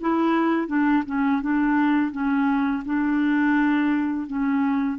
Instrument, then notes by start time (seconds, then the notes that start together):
clarinet
0.00 E4
0.67 D4
1.06 C#4
1.41 D4
2.11 C#4
2.85 D4
4.27 C#4